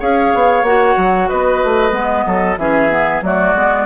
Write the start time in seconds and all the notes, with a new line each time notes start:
0.00 C#4 G#4 C#5 F5
0.34 B3
0.63 A#3 F#4 F#5
0.97 F#3
1.29 B3 B4 D#5
1.64 A3
1.91 G#3 B3
2.26 F#3 A4
2.58 E3 C#4 G#4 E5
2.90 B3
3.22 F#3 A3 F#4 D5
3.55 G#3 B3